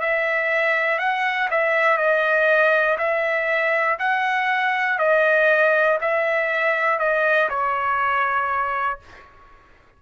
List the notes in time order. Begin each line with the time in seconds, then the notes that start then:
0.00 E5
0.99 F#5
1.50 E5
1.97 D#5
2.98 E5
3.99 F#5
4.99 D#5
6.01 E5
6.99 D#5
7.49 C#5